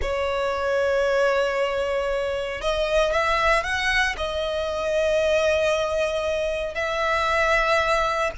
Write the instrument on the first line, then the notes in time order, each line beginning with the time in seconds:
violin
0.01 C#5
2.61 D#5
3.12 E5
3.63 F#5
4.17 D#5
6.74 E5